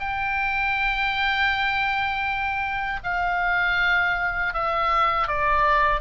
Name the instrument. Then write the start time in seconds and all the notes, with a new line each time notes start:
oboe
0.00 G5
3.04 F5
4.54 E5
5.28 D5